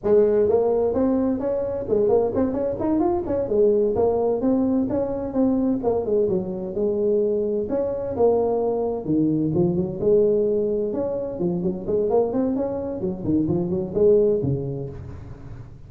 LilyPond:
\new Staff \with { instrumentName = "tuba" } { \time 4/4 \tempo 4 = 129 gis4 ais4 c'4 cis'4 | gis8 ais8 c'8 cis'8 dis'8 f'8 cis'8 gis8~ | gis8 ais4 c'4 cis'4 c'8~ | c'8 ais8 gis8 fis4 gis4.~ |
gis8 cis'4 ais2 dis8~ | dis8 f8 fis8 gis2 cis'8~ | cis'8 f8 fis8 gis8 ais8 c'8 cis'4 | fis8 dis8 f8 fis8 gis4 cis4 | }